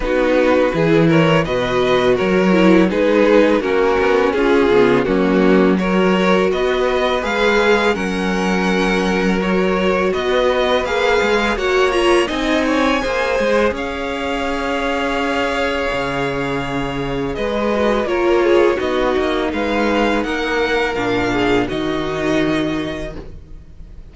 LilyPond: <<
  \new Staff \with { instrumentName = "violin" } { \time 4/4 \tempo 4 = 83 b'4. cis''8 dis''4 cis''4 | b'4 ais'4 gis'4 fis'4 | cis''4 dis''4 f''4 fis''4~ | fis''4 cis''4 dis''4 f''4 |
fis''8 ais''8 gis''2 f''4~ | f''1 | dis''4 cis''4 dis''4 f''4 | fis''4 f''4 dis''2 | }
  \new Staff \with { instrumentName = "violin" } { \time 4/4 fis'4 gis'8 ais'8 b'4 ais'4 | gis'4 fis'4 f'4 cis'4 | ais'4 b'2 ais'4~ | ais'2 b'2 |
cis''4 dis''8 cis''8 c''4 cis''4~ | cis''1 | b'4 ais'8 gis'8 fis'4 b'4 | ais'4. gis'8 fis'2 | }
  \new Staff \with { instrumentName = "viola" } { \time 4/4 dis'4 e'4 fis'4. e'8 | dis'4 cis'4. b8 ais4 | fis'2 gis'4 cis'4~ | cis'4 fis'2 gis'4 |
fis'8 f'8 dis'4 gis'2~ | gis'1~ | gis'8 fis'8 f'4 dis'2~ | dis'4 d'4 dis'2 | }
  \new Staff \with { instrumentName = "cello" } { \time 4/4 b4 e4 b,4 fis4 | gis4 ais8 b8 cis'8 cis8 fis4~ | fis4 b4 gis4 fis4~ | fis2 b4 ais8 gis8 |
ais4 c'4 ais8 gis8 cis'4~ | cis'2 cis2 | gis4 ais4 b8 ais8 gis4 | ais4 ais,4 dis2 | }
>>